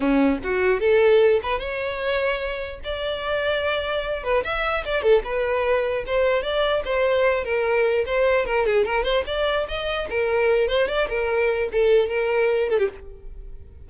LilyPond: \new Staff \with { instrumentName = "violin" } { \time 4/4 \tempo 4 = 149 cis'4 fis'4 a'4. b'8 | cis''2. d''4~ | d''2~ d''8 b'8 e''4 | d''8 a'8 b'2 c''4 |
d''4 c''4. ais'4. | c''4 ais'8 gis'8 ais'8 c''8 d''4 | dis''4 ais'4. c''8 d''8 ais'8~ | ais'4 a'4 ais'4. a'16 g'16 | }